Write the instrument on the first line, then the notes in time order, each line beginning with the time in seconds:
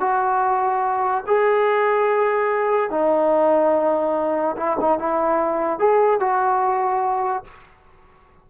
trombone
0.00 F#4
1.27 G#4
2.91 D#4
4.57 E4
4.81 D#4
4.99 E4
5.79 G#4
6.20 F#4